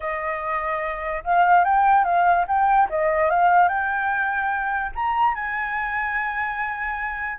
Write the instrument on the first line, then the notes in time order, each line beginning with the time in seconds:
flute
0.00 D#5
1.23 F5
1.64 G5
2.04 F5
2.47 G5
2.89 D#5
3.30 F5
3.68 G5
4.95 A#5
5.34 G#5